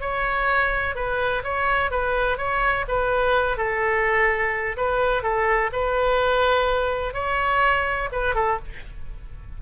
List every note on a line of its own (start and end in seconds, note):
0.00 0.95 C#5
0.95 1.43 B4
1.43 1.91 C#5
1.91 2.37 B4
2.37 2.85 C#5
2.88 3.57 B4
3.57 4.76 A4
4.77 5.23 B4
5.23 5.70 A4
5.72 7.14 B4
7.14 8.09 C#5
8.12 8.34 B4
8.34 8.58 A4